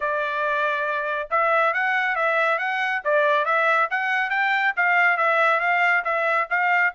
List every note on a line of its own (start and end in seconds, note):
0.00 1.28 D5
1.30 1.73 E5
1.73 2.15 F#5
2.15 2.58 E5
2.58 3.01 F#5
3.04 3.45 D5
3.45 3.88 E5
3.90 4.30 F#5
4.30 4.73 G5
4.76 5.17 F5
5.17 5.60 E5
5.60 6.03 F5
6.04 6.47 E5
6.50 6.93 F5